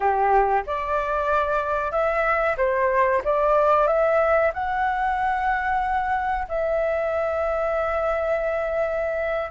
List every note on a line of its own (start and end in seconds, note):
0.00 0.63 G4
0.66 1.91 D5
1.91 2.56 E5
2.57 3.21 C5
3.24 3.87 D5
3.87 4.51 E5
4.53 6.47 F#5
6.48 9.50 E5